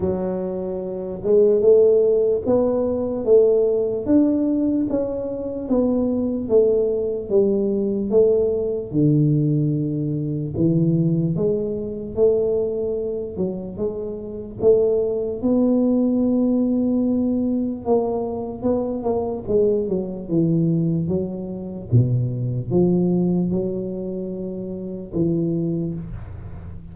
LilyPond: \new Staff \with { instrumentName = "tuba" } { \time 4/4 \tempo 4 = 74 fis4. gis8 a4 b4 | a4 d'4 cis'4 b4 | a4 g4 a4 d4~ | d4 e4 gis4 a4~ |
a8 fis8 gis4 a4 b4~ | b2 ais4 b8 ais8 | gis8 fis8 e4 fis4 b,4 | f4 fis2 e4 | }